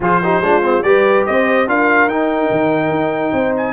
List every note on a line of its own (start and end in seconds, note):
0.00 0.40 F3
0.00 0.22 F4
0.00 0.22 G#4
0.00 0.82 C5
0.23 0.42 D#4
0.23 0.44 G4
0.40 0.82 G#3
0.40 0.62 D4
0.40 0.86 F4
0.62 0.83 C4
0.82 1.24 G3
0.82 1.67 G4
0.82 1.27 B4
0.82 1.24 D5
1.26 1.67 C4
1.26 1.68 C5
1.26 1.67 D#5
1.67 2.07 D4
1.67 2.09 F4
1.67 3.34 A#4
1.67 2.09 F5
2.07 2.48 D#4
2.07 3.73 D#4
2.07 3.54 G5
2.50 2.90 D#3
2.90 3.31 D#4
3.32 3.73 C4
3.32 3.73 C5
3.56 3.73 G#5